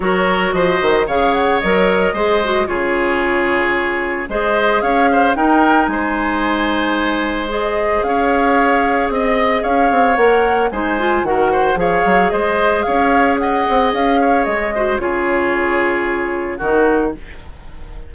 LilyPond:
<<
  \new Staff \with { instrumentName = "flute" } { \time 4/4 \tempo 4 = 112 cis''4 dis''4 f''8 fis''8 dis''4~ | dis''4 cis''2. | dis''4 f''4 g''4 gis''4~ | gis''2 dis''4 f''4~ |
f''4 dis''4 f''4 fis''4 | gis''4 fis''4 f''4 dis''4 | f''4 fis''4 f''4 dis''4 | cis''2. ais'4 | }
  \new Staff \with { instrumentName = "oboe" } { \time 4/4 ais'4 c''4 cis''2 | c''4 gis'2. | c''4 cis''8 c''8 ais'4 c''4~ | c''2. cis''4~ |
cis''4 dis''4 cis''2 | c''4 ais'8 c''8 cis''4 c''4 | cis''4 dis''4. cis''4 c''8 | gis'2. fis'4 | }
  \new Staff \with { instrumentName = "clarinet" } { \time 4/4 fis'2 gis'4 ais'4 | gis'8 fis'8 f'2. | gis'2 dis'2~ | dis'2 gis'2~ |
gis'2. ais'4 | dis'8 f'8 fis'4 gis'2~ | gis'2.~ gis'8 fis'8 | f'2. dis'4 | }
  \new Staff \with { instrumentName = "bassoon" } { \time 4/4 fis4 f8 dis8 cis4 fis4 | gis4 cis2. | gis4 cis'4 dis'4 gis4~ | gis2. cis'4~ |
cis'4 c'4 cis'8 c'8 ais4 | gis4 dis4 f8 fis8 gis4 | cis'4. c'8 cis'4 gis4 | cis2. dis4 | }
>>